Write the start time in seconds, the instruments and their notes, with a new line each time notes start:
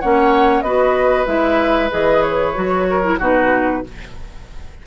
0.00 bassoon A#3, clarinet C#4, oboe C#5, flute F#5
0.61 bassoon B3, clarinet F#4, oboe B4, flute D#5
1.26 bassoon G#3, clarinet E4, flute E5
1.90 bassoon E3, clarinet G#4, flute D#5
2.22 flute C#5
2.54 bassoon F#3, clarinet F#4
2.89 oboe A#4
3.03 clarinet E4
3.19 bassoon B2, clarinet D#4, oboe F#4, flute B4